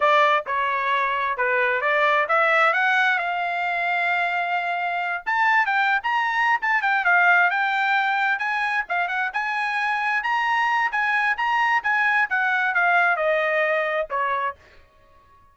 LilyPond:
\new Staff \with { instrumentName = "trumpet" } { \time 4/4 \tempo 4 = 132 d''4 cis''2 b'4 | d''4 e''4 fis''4 f''4~ | f''2.~ f''8 a''8~ | a''8 g''8. ais''4~ ais''16 a''8 g''8 f''8~ |
f''8 g''2 gis''4 f''8 | fis''8 gis''2 ais''4. | gis''4 ais''4 gis''4 fis''4 | f''4 dis''2 cis''4 | }